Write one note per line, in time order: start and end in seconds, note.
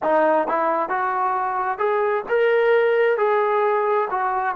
0.02 0.47 D#4
0.47 0.88 E4
0.88 1.78 F#4
1.78 2.24 G#4
2.29 3.17 A#4
3.17 4.08 G#4
4.10 4.55 F#4